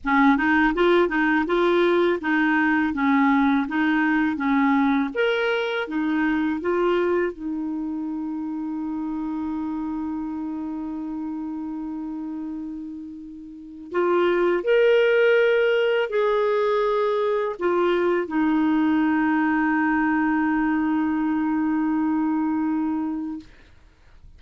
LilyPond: \new Staff \with { instrumentName = "clarinet" } { \time 4/4 \tempo 4 = 82 cis'8 dis'8 f'8 dis'8 f'4 dis'4 | cis'4 dis'4 cis'4 ais'4 | dis'4 f'4 dis'2~ | dis'1~ |
dis'2. f'4 | ais'2 gis'2 | f'4 dis'2.~ | dis'1 | }